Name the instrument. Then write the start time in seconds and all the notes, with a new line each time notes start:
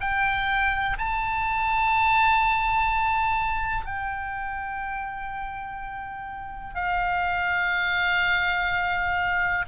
oboe
0.00 G5
0.98 A5
3.85 G5
6.74 F5